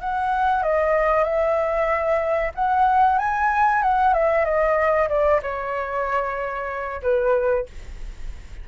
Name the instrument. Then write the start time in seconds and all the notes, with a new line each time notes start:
flute
0.00 F#5
0.62 D#5
1.23 E5
2.54 F#5
3.18 G#5
3.82 F#5
4.13 E5
4.44 D#5
5.08 D5
5.42 C#5
7.02 B4